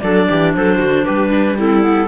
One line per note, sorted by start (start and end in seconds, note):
0.00 0.28 F#3
0.00 1.58 D4
0.00 0.28 A4
0.00 0.52 D5
0.28 0.55 E3
0.28 0.54 G4
0.54 0.79 F#3
0.54 0.78 A4
0.54 1.05 C5
0.78 1.05 D3
0.78 1.03 F#4
1.05 2.07 G3
1.05 1.30 G4
1.05 1.57 B4
1.30 1.55 D4
1.58 1.81 C4
1.58 2.07 E4
1.58 2.07 A4
1.81 2.07 B3